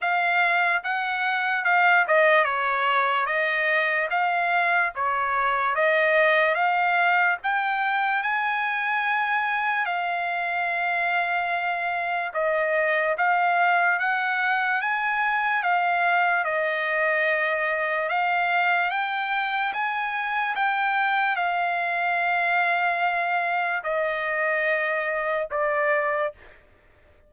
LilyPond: \new Staff \with { instrumentName = "trumpet" } { \time 4/4 \tempo 4 = 73 f''4 fis''4 f''8 dis''8 cis''4 | dis''4 f''4 cis''4 dis''4 | f''4 g''4 gis''2 | f''2. dis''4 |
f''4 fis''4 gis''4 f''4 | dis''2 f''4 g''4 | gis''4 g''4 f''2~ | f''4 dis''2 d''4 | }